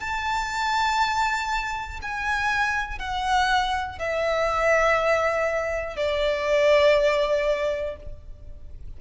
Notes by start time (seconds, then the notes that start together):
0.00 A5
2.02 G#5
2.99 F#5
3.99 E5
5.96 D5